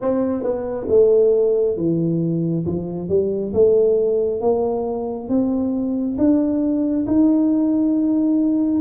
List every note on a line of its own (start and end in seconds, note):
0.01 0.43 C4
0.43 0.87 B3
0.88 1.76 A3
1.76 2.65 E3
2.66 3.08 F3
3.08 3.53 G3
3.53 4.40 A3
4.40 5.29 A#3
5.29 6.17 C4
6.18 7.06 D4
7.06 8.81 D#4